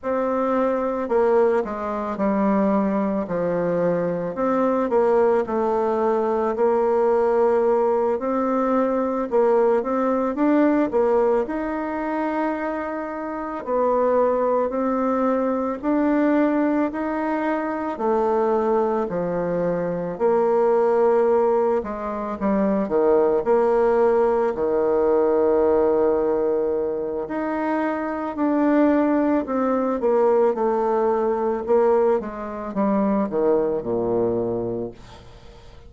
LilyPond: \new Staff \with { instrumentName = "bassoon" } { \time 4/4 \tempo 4 = 55 c'4 ais8 gis8 g4 f4 | c'8 ais8 a4 ais4. c'8~ | c'8 ais8 c'8 d'8 ais8 dis'4.~ | dis'8 b4 c'4 d'4 dis'8~ |
dis'8 a4 f4 ais4. | gis8 g8 dis8 ais4 dis4.~ | dis4 dis'4 d'4 c'8 ais8 | a4 ais8 gis8 g8 dis8 ais,4 | }